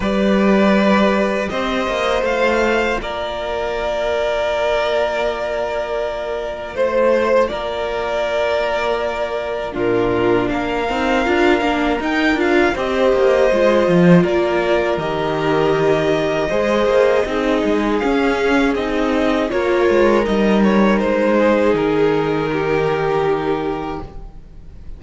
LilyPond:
<<
  \new Staff \with { instrumentName = "violin" } { \time 4/4 \tempo 4 = 80 d''2 dis''4 f''4 | d''1~ | d''4 c''4 d''2~ | d''4 ais'4 f''2 |
g''8 f''8 dis''2 d''4 | dis''1 | f''4 dis''4 cis''4 dis''8 cis''8 | c''4 ais'2. | }
  \new Staff \with { instrumentName = "violin" } { \time 4/4 b'2 c''2 | ais'1~ | ais'4 c''4 ais'2~ | ais'4 f'4 ais'2~ |
ais'4 c''2 ais'4~ | ais'2 c''4 gis'4~ | gis'2 ais'2~ | ais'8 gis'4. g'2 | }
  \new Staff \with { instrumentName = "viola" } { \time 4/4 g'2. f'4~ | f'1~ | f'1~ | f'4 d'4. dis'8 f'8 d'8 |
dis'8 f'8 g'4 f'2 | g'2 gis'4 dis'4 | cis'4 dis'4 f'4 dis'4~ | dis'1 | }
  \new Staff \with { instrumentName = "cello" } { \time 4/4 g2 c'8 ais8 a4 | ais1~ | ais4 a4 ais2~ | ais4 ais,4 ais8 c'8 d'8 ais8 |
dis'8 d'8 c'8 ais8 gis8 f8 ais4 | dis2 gis8 ais8 c'8 gis8 | cis'4 c'4 ais8 gis8 g4 | gis4 dis2. | }
>>